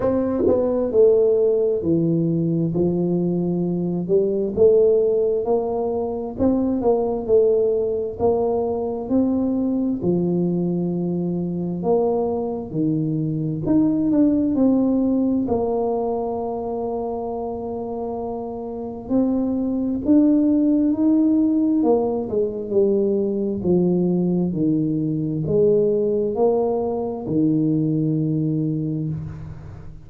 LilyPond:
\new Staff \with { instrumentName = "tuba" } { \time 4/4 \tempo 4 = 66 c'8 b8 a4 e4 f4~ | f8 g8 a4 ais4 c'8 ais8 | a4 ais4 c'4 f4~ | f4 ais4 dis4 dis'8 d'8 |
c'4 ais2.~ | ais4 c'4 d'4 dis'4 | ais8 gis8 g4 f4 dis4 | gis4 ais4 dis2 | }